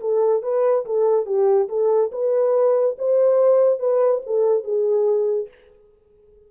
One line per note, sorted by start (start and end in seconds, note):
0.00 0.42 A4
0.42 0.85 B4
0.85 1.26 A4
1.26 1.68 G4
1.68 2.10 A4
2.11 2.96 B4
2.98 3.79 C5
3.79 4.21 B4
4.26 4.64 A4
4.64 5.48 G#4